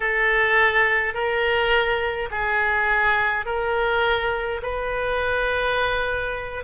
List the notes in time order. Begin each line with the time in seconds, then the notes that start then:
0.00 A4
1.14 A#4
2.31 G#4
3.45 A#4
4.62 B4